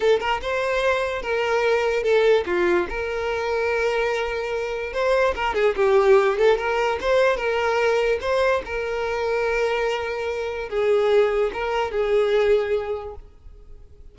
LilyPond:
\new Staff \with { instrumentName = "violin" } { \time 4/4 \tempo 4 = 146 a'8 ais'8 c''2 ais'4~ | ais'4 a'4 f'4 ais'4~ | ais'1 | c''4 ais'8 gis'8 g'4. a'8 |
ais'4 c''4 ais'2 | c''4 ais'2.~ | ais'2 gis'2 | ais'4 gis'2. | }